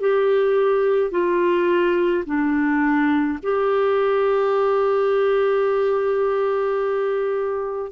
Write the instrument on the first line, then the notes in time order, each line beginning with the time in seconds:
clarinet
0.00 G4
1.11 F4
2.25 D4
3.42 G4